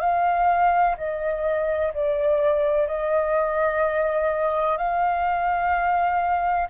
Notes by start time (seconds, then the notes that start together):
0.00 F5
0.97 D#5
1.94 D5
2.87 D#5
4.77 F5